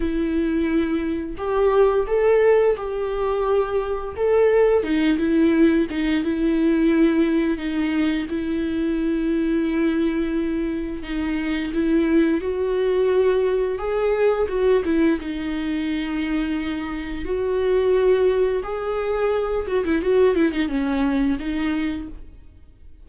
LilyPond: \new Staff \with { instrumentName = "viola" } { \time 4/4 \tempo 4 = 87 e'2 g'4 a'4 | g'2 a'4 dis'8 e'8~ | e'8 dis'8 e'2 dis'4 | e'1 |
dis'4 e'4 fis'2 | gis'4 fis'8 e'8 dis'2~ | dis'4 fis'2 gis'4~ | gis'8 fis'16 e'16 fis'8 e'16 dis'16 cis'4 dis'4 | }